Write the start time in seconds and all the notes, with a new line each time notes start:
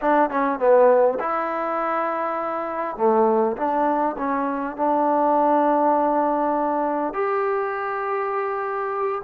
0.01 D4
0.30 C#4
0.59 B3
1.19 E4
2.96 A3
3.56 D4
4.17 C#4
4.76 D4
7.13 G4